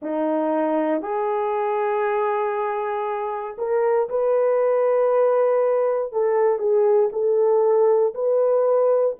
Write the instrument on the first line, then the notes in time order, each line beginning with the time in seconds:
horn
0.02 D#4
1.02 G#4
3.58 A#4
4.09 B4
6.12 A4
6.58 G#4
7.12 A4
8.14 B4